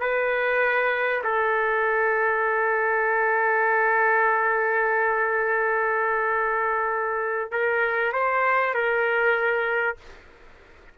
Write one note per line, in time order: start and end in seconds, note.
0.00 1.22 B4
1.24 7.51 A4
7.51 8.13 A#4
8.13 8.74 C5
8.74 9.97 A#4